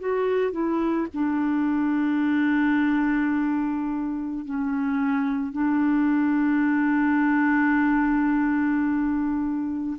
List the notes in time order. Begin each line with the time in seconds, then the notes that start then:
0.00 F#4
0.52 E4
1.14 D4
4.45 C#4
5.53 D4